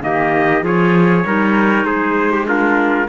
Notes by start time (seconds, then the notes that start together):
0.00 D#3 A#3 G4 D#5
0.62 F3 F4 G#4 C#5
1.25 G3 D#4 A#4
1.85 G#3 G#4 C5
2.31 G4
2.44 D4 F4 A#4